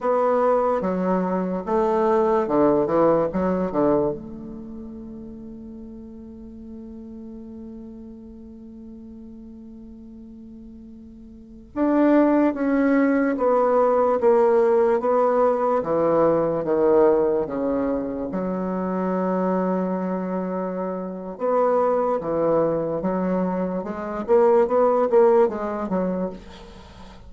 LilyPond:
\new Staff \with { instrumentName = "bassoon" } { \time 4/4 \tempo 4 = 73 b4 fis4 a4 d8 e8 | fis8 d8 a2.~ | a1~ | a2~ a16 d'4 cis'8.~ |
cis'16 b4 ais4 b4 e8.~ | e16 dis4 cis4 fis4.~ fis16~ | fis2 b4 e4 | fis4 gis8 ais8 b8 ais8 gis8 fis8 | }